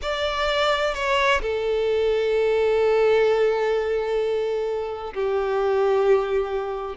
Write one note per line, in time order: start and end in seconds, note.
0.02 0.94 D5
0.94 1.41 C#5
1.41 5.13 A4
5.14 6.96 G4